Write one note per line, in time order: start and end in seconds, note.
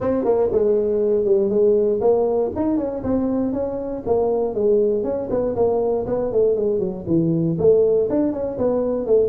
0.00 0.24 C4
0.24 0.49 A#3
0.52 1.24 G#3
1.24 1.49 G3
1.49 2.00 G#3
2.01 2.51 A#3
2.55 2.77 D#4
2.77 3.02 C#4
3.03 3.52 C4
3.52 4.03 C#4
4.06 4.54 A#3
4.54 5.03 G#3
5.03 5.28 C#4
5.29 5.55 B3
5.55 6.06 A#3
6.06 6.31 B3
6.32 6.56 A3
6.56 6.79 G#3
6.79 7.04 F#3
7.07 7.57 E3
7.58 8.09 A3
8.09 8.32 D4
8.32 8.57 C#4
8.58 9.06 B3
9.06 9.28 A3